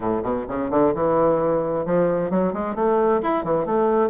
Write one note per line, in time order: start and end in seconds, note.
0.00 0.22 A2
0.23 0.46 B2
0.48 0.70 C#3
0.70 0.93 D3
0.94 1.85 E3
1.85 2.30 F3
2.30 2.53 F#3
2.53 2.75 G#3
2.75 3.21 A3
3.22 3.44 E4
3.44 3.65 E3
3.65 4.10 A3